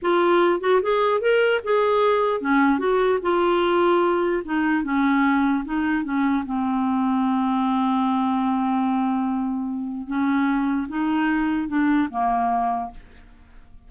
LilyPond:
\new Staff \with { instrumentName = "clarinet" } { \time 4/4 \tempo 4 = 149 f'4. fis'8 gis'4 ais'4 | gis'2 cis'4 fis'4 | f'2. dis'4 | cis'2 dis'4 cis'4 |
c'1~ | c'1~ | c'4 cis'2 dis'4~ | dis'4 d'4 ais2 | }